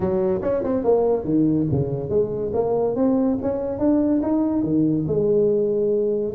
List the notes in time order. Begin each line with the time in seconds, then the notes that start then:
0.00 F#3
0.41 C#4
0.63 C4
0.84 A#3
1.24 D#3
1.71 C#3
2.09 G#3
2.53 A#3
2.95 C4
3.41 C#4
3.79 D4
4.22 D#4
4.62 D#3
5.07 G#3